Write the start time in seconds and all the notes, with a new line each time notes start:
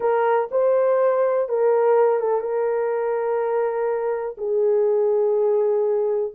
0.00 A#4
0.51 C5
1.48 A#4
2.19 A4
2.40 A#4
4.37 G#4